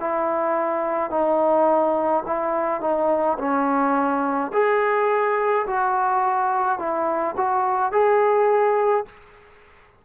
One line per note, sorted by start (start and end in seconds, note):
0.00 1.11 E4
1.11 2.24 D#4
2.26 2.81 E4
2.81 3.38 D#4
3.39 4.52 C#4
4.53 5.66 G#4
5.67 6.79 F#4
6.79 7.35 E4
7.37 7.92 F#4
7.92 9.05 G#4